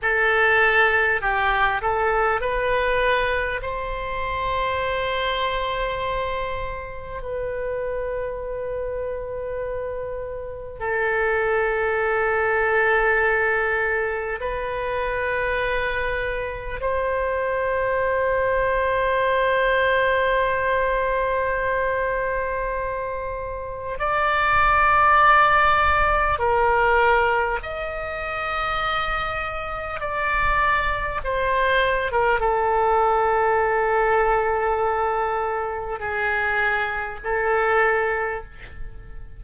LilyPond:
\new Staff \with { instrumentName = "oboe" } { \time 4/4 \tempo 4 = 50 a'4 g'8 a'8 b'4 c''4~ | c''2 b'2~ | b'4 a'2. | b'2 c''2~ |
c''1 | d''2 ais'4 dis''4~ | dis''4 d''4 c''8. ais'16 a'4~ | a'2 gis'4 a'4 | }